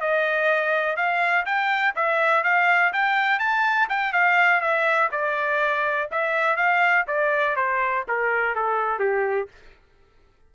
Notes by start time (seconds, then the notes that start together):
0.00 D#5
0.96 F5
1.45 G5
1.95 E5
2.43 F5
2.92 G5
3.39 A5
3.89 G5
4.12 F5
4.60 E5
5.11 D5
6.11 E5
6.56 F5
7.07 D5
7.56 C5
8.08 A#4
8.55 A4
8.99 G4